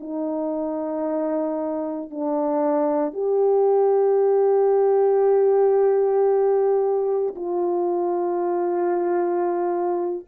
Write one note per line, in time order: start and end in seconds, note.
0.00 2.11 D#4
2.11 3.13 D4
3.13 7.34 G4
7.35 10.25 F4